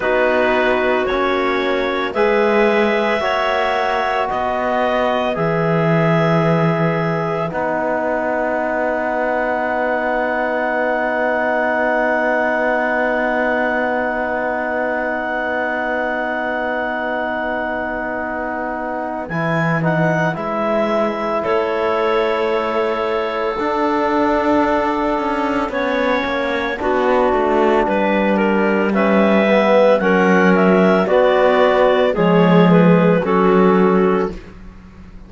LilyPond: <<
  \new Staff \with { instrumentName = "clarinet" } { \time 4/4 \tempo 4 = 56 b'4 cis''4 e''2 | dis''4 e''2 fis''4~ | fis''1~ | fis''1~ |
fis''2 gis''8 fis''8 e''4 | cis''2 fis''2~ | fis''2. e''4 | fis''8 e''8 d''4 cis''8 b'8 a'4 | }
  \new Staff \with { instrumentName = "clarinet" } { \time 4/4 fis'2 b'4 cis''4 | b'1~ | b'1~ | b'1~ |
b'1 | a'1 | cis''4 fis'4 b'8 ais'8 b'4 | ais'4 fis'4 gis'4 fis'4 | }
  \new Staff \with { instrumentName = "trombone" } { \time 4/4 dis'4 cis'4 gis'4 fis'4~ | fis'4 gis'2 dis'4~ | dis'1~ | dis'1~ |
dis'2 e'8 dis'8 e'4~ | e'2 d'2 | cis'4 d'2 cis'8 b8 | cis'4 b4 gis4 cis'4 | }
  \new Staff \with { instrumentName = "cello" } { \time 4/4 b4 ais4 gis4 ais4 | b4 e2 b4~ | b1~ | b1~ |
b2 e4 gis4 | a2 d'4. cis'8 | b8 ais8 b8 a8 g2 | fis4 b4 f4 fis4 | }
>>